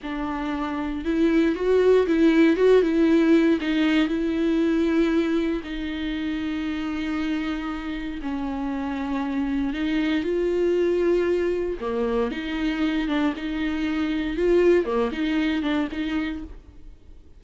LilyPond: \new Staff \with { instrumentName = "viola" } { \time 4/4 \tempo 4 = 117 d'2 e'4 fis'4 | e'4 fis'8 e'4. dis'4 | e'2. dis'4~ | dis'1 |
cis'2. dis'4 | f'2. ais4 | dis'4. d'8 dis'2 | f'4 ais8 dis'4 d'8 dis'4 | }